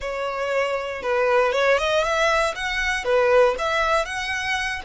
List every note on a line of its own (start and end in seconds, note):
0.00 1.02 C#5
1.02 1.52 B4
1.52 1.78 C#5
1.78 2.03 D#5
2.03 2.54 E5
2.55 3.04 F#5
3.04 3.55 B4
3.58 4.05 E5
4.05 4.81 F#5